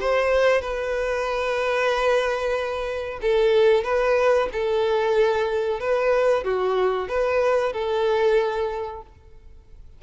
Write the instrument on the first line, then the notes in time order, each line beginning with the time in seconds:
violin
0.00 C5
0.61 B4
3.21 A4
3.84 B4
4.52 A4
5.80 B4
6.44 F#4
7.08 B4
7.72 A4